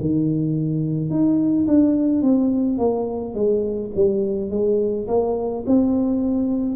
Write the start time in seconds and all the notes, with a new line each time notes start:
0.00 D#3
1.10 D#4
1.67 D4
2.22 C4
2.78 A#3
3.34 G#3
3.95 G3
4.50 G#3
5.07 A#3
5.67 C4